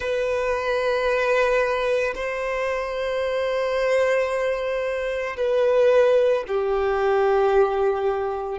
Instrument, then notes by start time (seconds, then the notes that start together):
violin
0.00 B4
2.14 C5
5.36 B4
6.47 G4